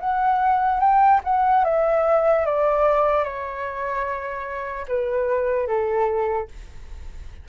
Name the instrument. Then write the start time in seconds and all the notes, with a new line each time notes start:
flute
0.00 F#5
0.80 G5
1.24 F#5
1.64 E5
2.46 D5
3.24 C#5
4.88 B4
5.67 A4